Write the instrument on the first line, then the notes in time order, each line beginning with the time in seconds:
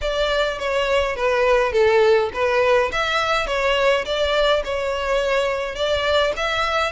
violin
0.01 D5
0.58 C#5
1.16 B4
1.72 A4
2.33 B4
2.92 E5
3.46 C#5
4.05 D5
4.64 C#5
5.75 D5
6.36 E5